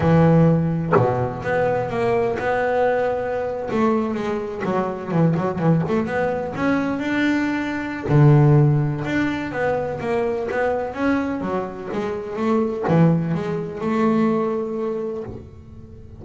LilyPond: \new Staff \with { instrumentName = "double bass" } { \time 4/4 \tempo 4 = 126 e2 b,4 b4 | ais4 b2~ b8. a16~ | a8. gis4 fis4 e8 fis8 e16~ | e16 a8 b4 cis'4 d'4~ d'16~ |
d'4 d2 d'4 | b4 ais4 b4 cis'4 | fis4 gis4 a4 e4 | gis4 a2. | }